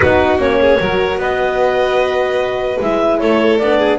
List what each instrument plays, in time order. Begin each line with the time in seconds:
0.00 double bass B3, horn D#4, violin F#4, clarinet B4
0.37 double bass A#3, horn C#4, clarinet C#5
0.61 violin G#4
0.79 double bass F#3, horn F#4, violin A#4
1.17 double bass B3, violin B4, clarinet D#5
2.80 double bass G#3, horn E4, clarinet E5
3.19 double bass A3, violin A4, clarinet C#5
3.58 double bass B3, horn D4, clarinet D5
3.78 violin G#4